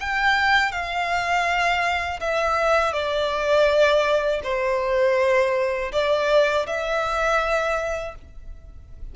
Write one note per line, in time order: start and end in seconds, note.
0.00 0.71 G5
0.71 2.20 F5
2.20 2.93 E5
2.93 4.41 D5
4.43 5.91 C5
5.92 6.66 D5
6.66 8.14 E5